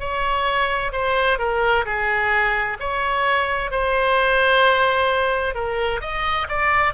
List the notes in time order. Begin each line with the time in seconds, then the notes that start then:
0.00 C#5
0.93 C5
1.39 A#4
1.86 G#4
2.80 C#5
3.72 C5
5.55 A#4
6.02 D#5
6.49 D5